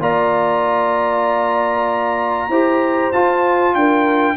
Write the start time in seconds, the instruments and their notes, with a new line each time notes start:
0.00 tuba A#3, trombone F4, horn D5, trumpet A#5
2.49 tuba E4, trombone G4, horn C5
3.13 tuba F4, trombone F4, trumpet A5
3.75 tuba D4, horn A#4, trumpet G5